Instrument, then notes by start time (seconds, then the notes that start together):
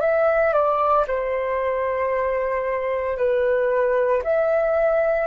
flute
0.00 E5
0.53 D5
1.07 C5
3.17 B4
4.23 E5